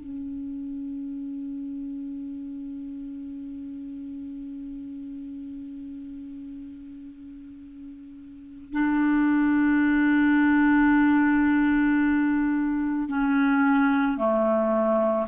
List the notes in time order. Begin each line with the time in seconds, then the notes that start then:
0.00 C#4
8.73 D4
13.08 C#4
14.17 A3